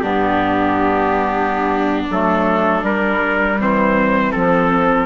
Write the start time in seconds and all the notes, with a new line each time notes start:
0.00 G2 B3 D4 G4
2.11 F#3 A3 A4
2.83 G3 A#4
3.60 E3 C4 C5
4.32 F3 A4